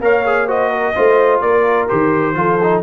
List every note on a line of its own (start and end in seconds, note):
0.00 0.94 A#3
0.00 0.25 A#4
0.00 0.47 C#5
0.00 0.50 F5
0.25 0.47 G#4
0.47 0.94 F#4
0.47 0.70 C5
0.47 1.41 D#5
0.70 0.93 A#4
0.95 1.41 A3
0.95 1.89 F4
0.95 1.43 C5
1.41 1.88 A#3
1.41 2.37 A#4
1.41 1.88 D5
1.88 2.35 D#3
1.88 2.35 G4
1.88 2.82 C5
2.35 2.82 F3
2.35 2.59 F4
2.35 2.83 A4
2.62 2.83 D#4